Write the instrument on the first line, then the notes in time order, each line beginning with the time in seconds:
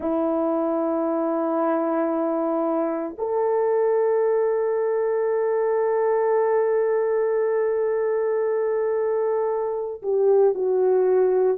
horn
0.00 E4
3.18 A4
10.02 G4
10.54 F#4